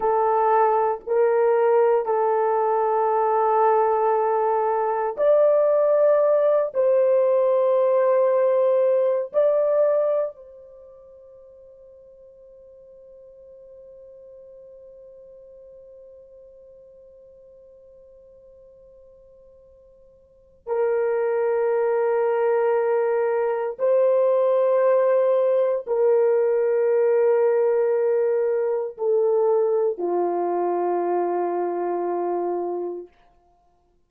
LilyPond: \new Staff \with { instrumentName = "horn" } { \time 4/4 \tempo 4 = 58 a'4 ais'4 a'2~ | a'4 d''4. c''4.~ | c''4 d''4 c''2~ | c''1~ |
c''1 | ais'2. c''4~ | c''4 ais'2. | a'4 f'2. | }